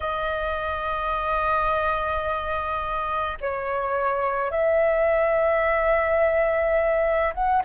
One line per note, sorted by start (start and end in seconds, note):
0.00 3.37 D#5
3.41 4.50 C#5
4.50 7.33 E5
7.34 7.62 F#5